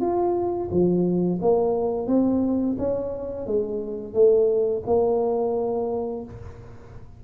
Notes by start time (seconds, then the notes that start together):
0.00 F4
0.71 F3
1.41 A#3
2.07 C4
2.78 C#4
3.46 G#3
4.13 A3
4.86 A#3